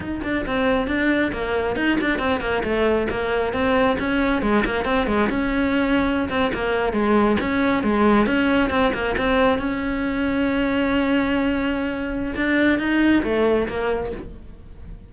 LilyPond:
\new Staff \with { instrumentName = "cello" } { \time 4/4 \tempo 4 = 136 dis'8 d'8 c'4 d'4 ais4 | dis'8 d'8 c'8 ais8 a4 ais4 | c'4 cis'4 gis8 ais8 c'8 gis8 | cis'2~ cis'16 c'8 ais4 gis16~ |
gis8. cis'4 gis4 cis'4 c'16~ | c'16 ais8 c'4 cis'2~ cis'16~ | cis'1 | d'4 dis'4 a4 ais4 | }